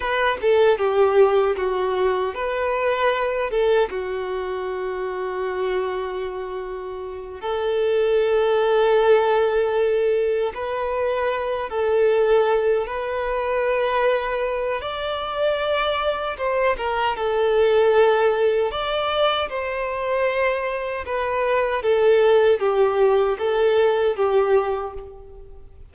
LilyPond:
\new Staff \with { instrumentName = "violin" } { \time 4/4 \tempo 4 = 77 b'8 a'8 g'4 fis'4 b'4~ | b'8 a'8 fis'2.~ | fis'4. a'2~ a'8~ | a'4. b'4. a'4~ |
a'8 b'2~ b'8 d''4~ | d''4 c''8 ais'8 a'2 | d''4 c''2 b'4 | a'4 g'4 a'4 g'4 | }